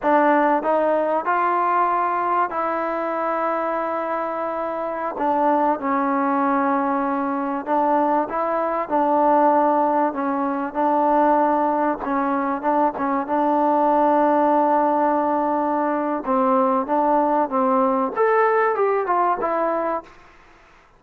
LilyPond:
\new Staff \with { instrumentName = "trombone" } { \time 4/4 \tempo 4 = 96 d'4 dis'4 f'2 | e'1~ | e'16 d'4 cis'2~ cis'8.~ | cis'16 d'4 e'4 d'4.~ d'16~ |
d'16 cis'4 d'2 cis'8.~ | cis'16 d'8 cis'8 d'2~ d'8.~ | d'2 c'4 d'4 | c'4 a'4 g'8 f'8 e'4 | }